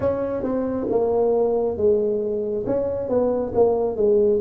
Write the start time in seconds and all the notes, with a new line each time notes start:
0.00 C#4
0.43 C4
0.89 A#3
1.76 G#3
2.66 C#4
3.08 B3
3.55 A#3
3.96 G#3